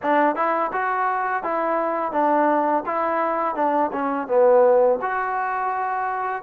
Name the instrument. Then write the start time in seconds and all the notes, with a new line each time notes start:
trombone
0.02 D4
0.35 E4
0.72 F#4
1.43 E4
2.12 D4
2.86 E4
3.55 D4
3.92 C#4
4.27 B3
5.01 F#4